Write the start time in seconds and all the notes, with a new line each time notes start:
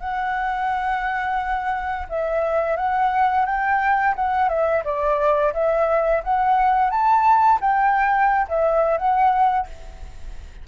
0.00 F#5
2.09 E5
2.76 F#5
3.45 G5
4.15 F#5
4.49 E5
4.84 D5
5.53 E5
6.24 F#5
6.90 A5
7.61 G5
8.48 E5
8.97 F#5